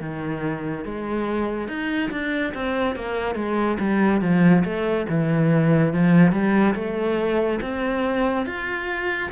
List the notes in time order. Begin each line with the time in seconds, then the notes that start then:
0.00 D#3
0.85 G#3
1.68 D#4
2.10 D4
2.54 C4
2.95 A#3
3.35 G#3
3.79 G3
4.21 F3
4.64 A3
5.09 E3
5.93 F3
6.32 G3
6.75 A3
7.61 C4
8.45 F4